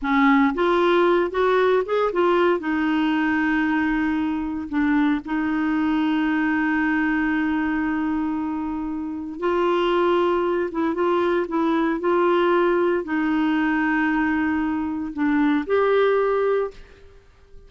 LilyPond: \new Staff \with { instrumentName = "clarinet" } { \time 4/4 \tempo 4 = 115 cis'4 f'4. fis'4 gis'8 | f'4 dis'2.~ | dis'4 d'4 dis'2~ | dis'1~ |
dis'2 f'2~ | f'8 e'8 f'4 e'4 f'4~ | f'4 dis'2.~ | dis'4 d'4 g'2 | }